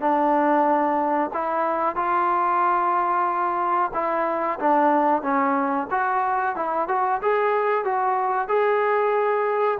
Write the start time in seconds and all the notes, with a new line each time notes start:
0.00 D4
1.33 E4
1.96 F4
3.94 E4
4.59 D4
5.22 C#4
5.90 F#4
6.55 E4
6.88 F#4
7.22 G#4
7.84 F#4
8.48 G#4